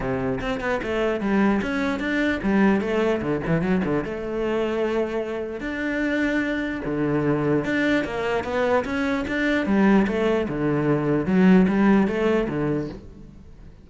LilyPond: \new Staff \with { instrumentName = "cello" } { \time 4/4 \tempo 4 = 149 c4 c'8 b8 a4 g4 | cis'4 d'4 g4 a4 | d8 e8 fis8 d8 a2~ | a2 d'2~ |
d'4 d2 d'4 | ais4 b4 cis'4 d'4 | g4 a4 d2 | fis4 g4 a4 d4 | }